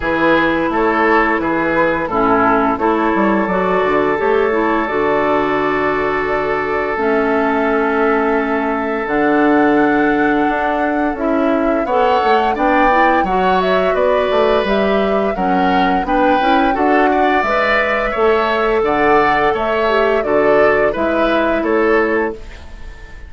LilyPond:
<<
  \new Staff \with { instrumentName = "flute" } { \time 4/4 \tempo 4 = 86 b'4 cis''4 b'4 a'4 | cis''4 d''4 cis''4 d''4~ | d''2 e''2~ | e''4 fis''2. |
e''4 fis''4 g''4 fis''8 e''8 | d''4 e''4 fis''4 g''4 | fis''4 e''2 fis''4 | e''4 d''4 e''4 cis''4 | }
  \new Staff \with { instrumentName = "oboe" } { \time 4/4 gis'4 a'4 gis'4 e'4 | a'1~ | a'1~ | a'1~ |
a'4 cis''4 d''4 cis''4 | b'2 ais'4 b'4 | a'8 d''4. cis''4 d''4 | cis''4 a'4 b'4 a'4 | }
  \new Staff \with { instrumentName = "clarinet" } { \time 4/4 e'2. cis'4 | e'4 fis'4 g'8 e'8 fis'4~ | fis'2 cis'2~ | cis'4 d'2. |
e'4 a'4 d'8 e'8 fis'4~ | fis'4 g'4 cis'4 d'8 e'8 | fis'4 b'4 a'2~ | a'8 g'8 fis'4 e'2 | }
  \new Staff \with { instrumentName = "bassoon" } { \time 4/4 e4 a4 e4 a,4 | a8 g8 fis8 d8 a4 d4~ | d2 a2~ | a4 d2 d'4 |
cis'4 b8 a8 b4 fis4 | b8 a8 g4 fis4 b8 cis'8 | d'4 gis4 a4 d4 | a4 d4 gis4 a4 | }
>>